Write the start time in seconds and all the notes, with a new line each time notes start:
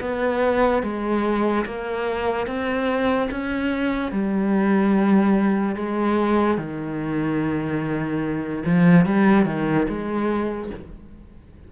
0.00 B3
0.83 G#3
1.65 A#3
2.46 C4
3.30 C#4
4.11 G3
5.75 G#3
6.57 D#3
8.65 F3
9.05 G3
9.45 D#3
9.88 G#3